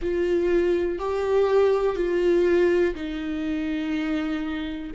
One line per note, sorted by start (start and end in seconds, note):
0.02 0.98 F4
0.98 1.96 G4
1.96 2.94 F4
2.95 4.91 D#4